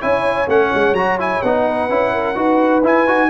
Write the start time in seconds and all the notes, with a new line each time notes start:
0.00 C#4 E4 C#5 G#5
0.48 A3 C#4 F#5
0.75 G#3
0.93 F#3 F#4 A#5
1.19 E4 G#5
1.42 B3 D#4 F#5
1.67 B4
1.90 C#4 E4
2.13 A#4
2.35 D#4 F#4 B4
2.84 E4 G#5
3.07 D#4 F#4